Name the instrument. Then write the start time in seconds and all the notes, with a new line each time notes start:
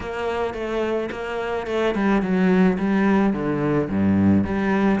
cello
0.00 A#3
0.54 A3
1.11 A#3
1.66 A3
1.94 G3
2.22 F#3
2.78 G3
3.33 D3
3.89 G2
4.44 G3